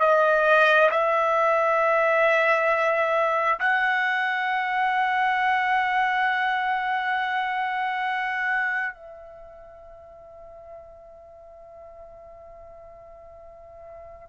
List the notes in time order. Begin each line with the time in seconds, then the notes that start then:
0.00 D#5
0.91 E5
3.60 F#5
8.94 E5